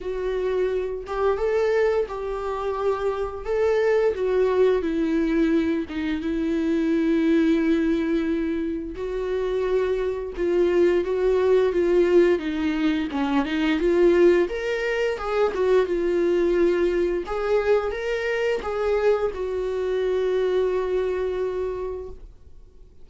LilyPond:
\new Staff \with { instrumentName = "viola" } { \time 4/4 \tempo 4 = 87 fis'4. g'8 a'4 g'4~ | g'4 a'4 fis'4 e'4~ | e'8 dis'8 e'2.~ | e'4 fis'2 f'4 |
fis'4 f'4 dis'4 cis'8 dis'8 | f'4 ais'4 gis'8 fis'8 f'4~ | f'4 gis'4 ais'4 gis'4 | fis'1 | }